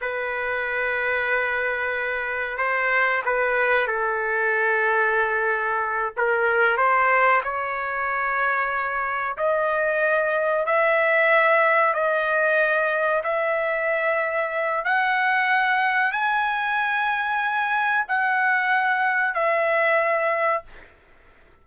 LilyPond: \new Staff \with { instrumentName = "trumpet" } { \time 4/4 \tempo 4 = 93 b'1 | c''4 b'4 a'2~ | a'4. ais'4 c''4 cis''8~ | cis''2~ cis''8 dis''4.~ |
dis''8 e''2 dis''4.~ | dis''8 e''2~ e''8 fis''4~ | fis''4 gis''2. | fis''2 e''2 | }